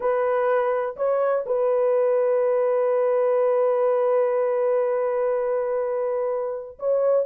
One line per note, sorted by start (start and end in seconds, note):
0.00 0.96 B4
0.96 1.44 C#5
1.46 6.78 B4
6.79 7.25 C#5